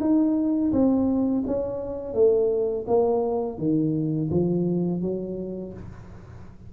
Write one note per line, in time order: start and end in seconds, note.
0.00 0.71 D#4
0.72 1.43 C4
1.46 2.14 C#4
2.14 2.85 A3
2.87 3.57 A#3
3.57 4.29 D#3
4.30 5.01 F3
5.01 5.73 F#3